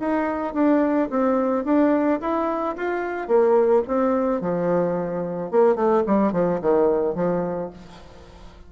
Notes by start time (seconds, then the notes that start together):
0.00 D#4
0.54 D4
1.10 C4
1.65 D4
2.20 E4
2.76 F4
3.28 A#3
3.87 C4
4.41 F3
5.51 A#3
5.75 A3
6.07 G3
6.32 F3
6.61 D#3
7.15 F3